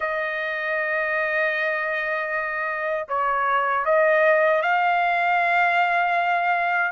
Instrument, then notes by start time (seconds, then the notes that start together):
trumpet
0.00 D#5
3.08 C#5
3.85 D#5
4.62 F5